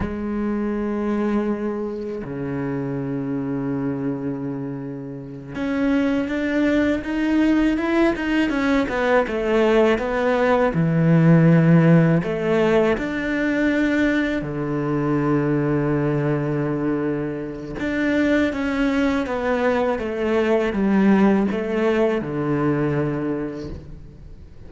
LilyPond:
\new Staff \with { instrumentName = "cello" } { \time 4/4 \tempo 4 = 81 gis2. cis4~ | cis2.~ cis8 cis'8~ | cis'8 d'4 dis'4 e'8 dis'8 cis'8 | b8 a4 b4 e4.~ |
e8 a4 d'2 d8~ | d1 | d'4 cis'4 b4 a4 | g4 a4 d2 | }